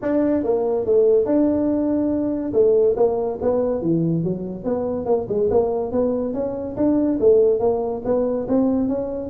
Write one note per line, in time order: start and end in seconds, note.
0.02 0.43 D4
0.43 0.85 A#3
0.85 1.25 A3
1.25 2.52 D4
2.53 2.95 A3
2.96 3.38 A#3
3.41 3.81 B3
3.81 4.23 E3
4.23 4.64 F#3
4.64 5.05 B3
5.05 5.26 A#3
5.28 5.49 G#3
5.50 5.91 A#3
5.91 6.33 B3
6.33 6.75 C#4
6.76 7.18 D4
7.20 7.59 A3
7.59 8.02 A#3
8.04 8.47 B3
8.48 8.88 C4
8.88 9.29 C#4